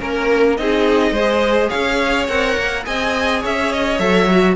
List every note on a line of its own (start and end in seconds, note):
0.00 0.59 A#3
0.00 0.57 C#4
0.00 0.58 A#4
0.00 0.57 A#4
0.57 1.12 C4
0.57 1.16 D#4
0.57 1.12 G#4
0.57 1.70 D#5
1.12 1.69 G#3
1.12 2.29 G#4
1.12 1.70 C5
1.70 2.29 C#4
1.70 2.84 C#5
1.70 2.27 F5
2.28 2.57 C4
2.28 2.85 A#4
2.28 2.85 F#5
2.58 2.86 A#3
2.85 3.44 C4
2.85 3.99 G#4
2.85 3.41 D#5
2.85 3.43 G#5
3.41 3.99 C#4
3.41 4.56 C#5
3.41 3.73 E5
3.73 3.98 D#5
3.98 4.57 F#3
3.98 4.28 A4
3.98 4.56 E5
4.32 4.57 F#4